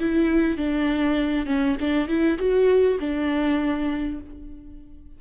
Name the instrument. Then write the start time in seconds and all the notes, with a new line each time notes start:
viola
0.00 E4
0.58 D4
1.47 C#4
1.81 D4
2.09 E4
2.39 F#4
3.00 D4